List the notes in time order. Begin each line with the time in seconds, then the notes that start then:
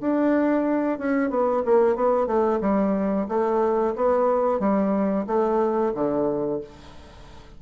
0.00 D4
0.98 C#4
1.29 B3
1.65 A#3
1.95 B3
2.26 A3
2.60 G3
3.28 A3
3.95 B3
4.59 G3
5.27 A3
5.94 D3